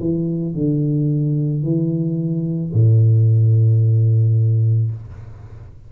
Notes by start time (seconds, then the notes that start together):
0.00 E3
0.55 D3
1.63 E3
2.73 A2